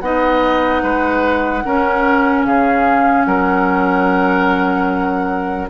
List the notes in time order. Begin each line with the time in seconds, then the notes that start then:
0.00 B3 D#4 D#5 F#5
0.82 G#3 B4
1.63 C#4 A#4
2.44 C#3 G#4 F5
3.24 F#3 A#4 F#5